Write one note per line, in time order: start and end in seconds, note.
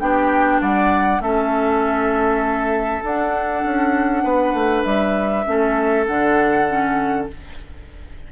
0.00 0.61 B3
0.00 1.22 D4
0.00 0.62 G4
0.00 0.61 G5
0.61 1.20 G3
0.61 1.22 D5
0.61 1.22 F#5
1.20 3.02 A3
1.20 3.03 C#4
1.20 4.24 A4
1.20 3.03 E5
3.03 5.45 D4
3.03 3.65 D4
3.03 4.84 F#5
3.65 4.24 C#4
4.24 4.54 B3
4.24 5.45 B4
4.54 4.84 A3
4.84 5.46 G3
4.84 6.05 E5
5.45 6.08 A3
5.45 6.06 C#4
5.45 7.32 A4
6.07 7.29 D3
6.07 6.68 D4
6.07 7.28 F#5
6.68 7.29 C#4